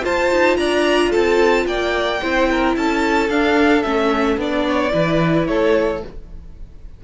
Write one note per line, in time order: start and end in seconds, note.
0.00 2.18 F4
0.00 0.31 F4
0.00 0.58 C5
0.00 0.56 A5
0.31 0.57 D#4
0.56 1.12 D4
0.56 1.10 D5
0.56 1.11 A#5
1.10 1.66 C4
1.10 1.65 A4
1.10 1.66 A5
1.66 2.20 A#3
1.66 2.21 D5
1.66 2.76 G5
2.21 2.76 C4
2.21 3.30 E4
2.21 2.49 C5
2.50 2.76 A#4
2.76 3.29 C#4
2.76 4.67 A4
2.76 3.30 A5
3.29 3.84 D4
3.29 3.82 F5
3.82 4.37 A3
3.82 4.38 C#4
3.82 4.37 E5
4.37 4.91 B3
4.37 4.91 D4
4.37 5.47 D5
4.67 4.93 C#5
4.91 5.48 E3
4.91 6.00 E4
4.91 5.47 B4
5.47 6.02 A3
5.47 6.04 A4
5.47 6.01 C#5